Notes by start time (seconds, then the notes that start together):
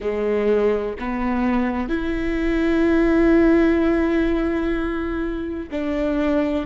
0.00 G#3
0.99 B3
1.88 E4
5.71 D4